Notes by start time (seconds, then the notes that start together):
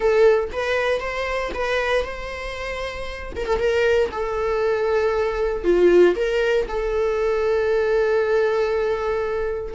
0.00 A4
0.52 B4
1.00 C5
1.54 B4
2.04 C5
3.36 A#4
3.46 A4
3.58 A#4
4.11 A4
5.64 F4
6.15 A#4
6.68 A4